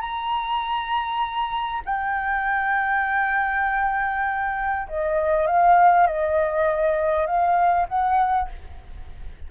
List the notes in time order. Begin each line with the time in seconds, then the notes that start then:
0.00 A#5
1.85 G5
4.88 D#5
5.47 F5
6.07 D#5
7.26 F5
7.88 F#5